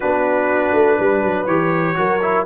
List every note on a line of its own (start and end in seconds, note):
0.00 0.73 B3
0.00 1.48 D4
0.00 0.98 F#4
0.00 1.46 B4
0.73 0.97 A3
0.98 1.23 G3
0.98 1.96 B4
1.23 1.46 F#3
1.46 1.95 E3
1.46 1.95 G4
1.46 2.44 C#5
1.95 2.45 F#3
1.95 2.20 F#4
1.95 2.45 A#4
2.21 2.45 E4